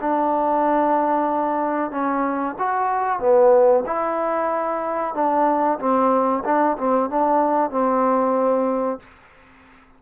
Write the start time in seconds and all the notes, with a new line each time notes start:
0.00 D4
1.90 C#4
2.58 F#4
3.19 B3
3.86 E4
5.14 D4
5.79 C4
6.44 D4
6.77 C4
7.10 D4
7.70 C4